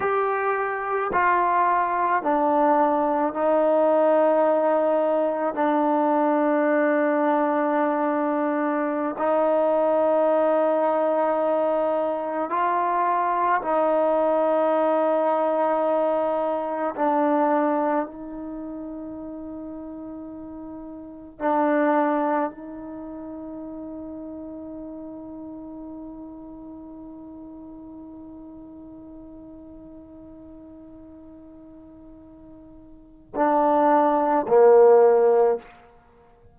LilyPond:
\new Staff \with { instrumentName = "trombone" } { \time 4/4 \tempo 4 = 54 g'4 f'4 d'4 dis'4~ | dis'4 d'2.~ | d'16 dis'2. f'8.~ | f'16 dis'2. d'8.~ |
d'16 dis'2. d'8.~ | d'16 dis'2.~ dis'8.~ | dis'1~ | dis'2 d'4 ais4 | }